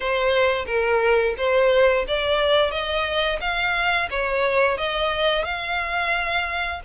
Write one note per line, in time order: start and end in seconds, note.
0.00 0.65 C5
0.66 1.35 A#4
1.37 2.05 C5
2.07 2.71 D5
2.71 3.39 D#5
3.40 4.08 F5
4.10 4.77 C#5
4.77 5.44 D#5
5.44 6.80 F5